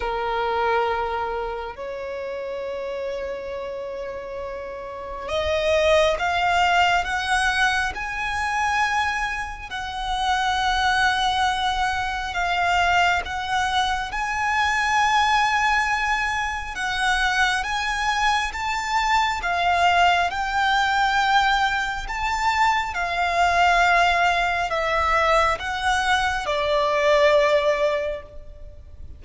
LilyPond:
\new Staff \with { instrumentName = "violin" } { \time 4/4 \tempo 4 = 68 ais'2 cis''2~ | cis''2 dis''4 f''4 | fis''4 gis''2 fis''4~ | fis''2 f''4 fis''4 |
gis''2. fis''4 | gis''4 a''4 f''4 g''4~ | g''4 a''4 f''2 | e''4 fis''4 d''2 | }